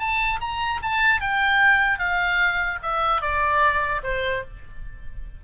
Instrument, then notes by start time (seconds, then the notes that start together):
oboe
0.00 A5
0.41 A#5
0.83 A5
1.21 G5
1.99 F5
2.83 E5
3.22 D5
4.04 C5